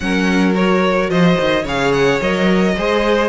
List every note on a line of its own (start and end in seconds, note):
0.00 1.08 F#3
0.00 0.54 C#4
0.00 1.10 A#4
0.00 0.53 F#5
0.54 1.64 F#4
0.54 1.10 C#5
1.08 1.36 F3
1.08 1.62 C5
1.08 1.65 D#5
1.40 1.65 D#3
1.62 2.20 C#3
1.62 2.21 G#4
1.62 2.72 C#5
1.62 1.92 F5
1.92 2.19 F#5
2.21 2.76 F#3
2.21 2.76 A#4
2.21 3.29 D#5
2.77 3.29 G#3
2.77 3.29 G#4
2.77 3.29 C5